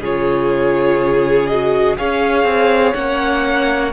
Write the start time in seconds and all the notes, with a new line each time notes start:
0.00 C#3 F4 G#4 C#5
1.47 F#4 D#5
1.97 C#4 G#4 C#5 F5
2.44 C4
2.94 A#3 C#4 F#5